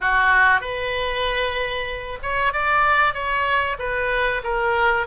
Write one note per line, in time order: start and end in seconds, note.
0.01 0.61 F#4
0.61 2.18 B4
2.22 2.53 C#5
2.53 3.13 D5
3.13 3.77 C#5
3.78 4.42 B4
4.43 5.06 A#4